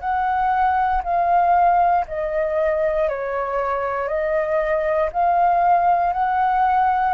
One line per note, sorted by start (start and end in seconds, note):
0.00 1.02 F#5
1.03 2.05 F5
2.07 3.08 D#5
3.08 4.07 C#5
4.07 5.09 D#5
5.12 6.12 F5
6.12 7.14 F#5